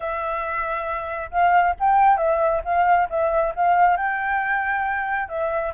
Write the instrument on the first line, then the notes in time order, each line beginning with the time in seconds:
flute
0.00 E5
1.30 F5
1.79 G5
2.17 E5
2.64 F5
3.09 E5
3.55 F5
3.97 G5
5.28 E5